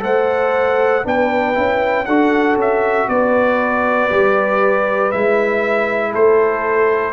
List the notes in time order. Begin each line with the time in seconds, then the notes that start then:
0.00 A3 A4 C5 F#5
1.04 B3 D4 B4 G5
1.55 C#4 E4
2.06 D4 F#4 A4 F#5
2.57 C#4 E5
3.09 B3 B4 D5
4.11 G3 G4
5.12 G#3 E4 E5
6.12 A3 A4 C5